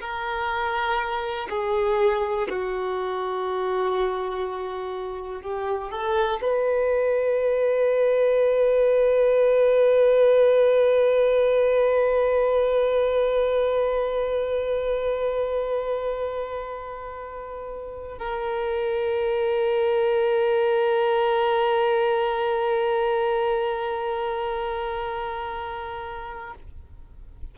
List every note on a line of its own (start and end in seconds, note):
0.00 1.48 A#4
1.50 2.48 G#4
2.49 5.42 F#4
5.42 5.91 G4
5.91 6.40 A4
6.41 18.18 B4
18.18 26.54 A#4